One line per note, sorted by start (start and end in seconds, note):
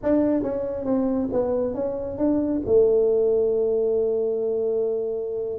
0.02 0.42 D4
0.42 0.85 C#4
0.85 1.29 C4
1.32 1.74 B3
1.74 2.18 C#4
2.18 2.62 D4
2.65 5.58 A3